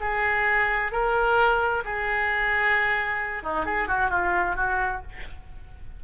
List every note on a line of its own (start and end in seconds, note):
0.00 0.92 G#4
0.92 1.83 A#4
1.84 3.43 G#4
3.43 3.65 D#4
3.65 3.88 G#4
3.88 4.10 F#4
4.10 4.56 F4
4.56 5.02 F#4